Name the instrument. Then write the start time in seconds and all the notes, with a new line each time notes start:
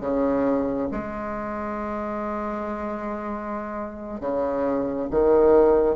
bassoon
0.00 C#3
0.91 G#3
4.20 C#3
5.10 D#3